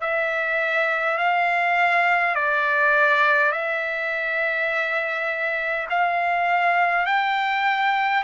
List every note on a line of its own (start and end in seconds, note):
0.00 1.18 E5
1.18 2.35 F5
2.35 3.52 D5
3.52 5.87 E5
5.90 7.06 F5
7.06 8.24 G5